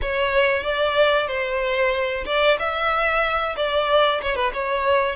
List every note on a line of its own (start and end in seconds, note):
0.01 0.63 C#5
0.63 1.27 D5
1.27 2.24 C5
2.25 2.57 D5
2.59 3.55 E5
3.56 4.21 D5
4.22 4.35 C#5
4.35 4.51 B4
4.53 5.15 C#5